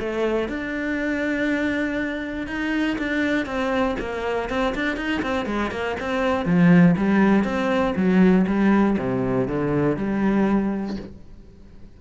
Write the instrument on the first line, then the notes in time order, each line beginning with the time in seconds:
cello
0.00 A3
0.49 D4
2.48 D#4
2.98 D4
3.46 C4
4.00 A#3
4.50 C4
4.75 D4
4.97 D#4
5.23 C4
5.46 G#3
5.71 A#3
6.00 C4
6.45 F3
6.97 G3
7.45 C4
7.96 F#3
8.47 G3
8.99 C3
9.48 D3
9.97 G3